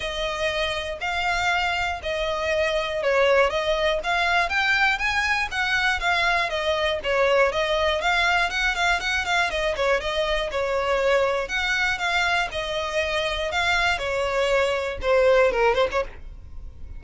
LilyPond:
\new Staff \with { instrumentName = "violin" } { \time 4/4 \tempo 4 = 120 dis''2 f''2 | dis''2 cis''4 dis''4 | f''4 g''4 gis''4 fis''4 | f''4 dis''4 cis''4 dis''4 |
f''4 fis''8 f''8 fis''8 f''8 dis''8 cis''8 | dis''4 cis''2 fis''4 | f''4 dis''2 f''4 | cis''2 c''4 ais'8 c''16 cis''16 | }